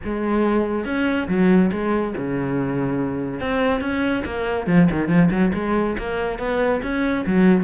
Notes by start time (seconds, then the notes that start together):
0.04 G#3
0.85 C#4
1.28 F#3
1.71 G#3
2.17 C#3
3.40 C4
3.80 C#4
4.25 A#3
4.67 F3
4.91 D#3
5.08 F3
5.31 F#3
5.54 G#3
5.98 A#3
6.38 B3
6.82 C#4
7.26 F#3